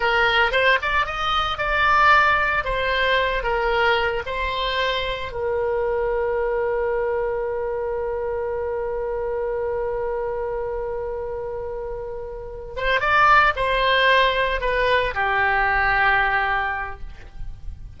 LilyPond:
\new Staff \with { instrumentName = "oboe" } { \time 4/4 \tempo 4 = 113 ais'4 c''8 d''8 dis''4 d''4~ | d''4 c''4. ais'4. | c''2 ais'2~ | ais'1~ |
ais'1~ | ais'1 | c''8 d''4 c''2 b'8~ | b'8 g'2.~ g'8 | }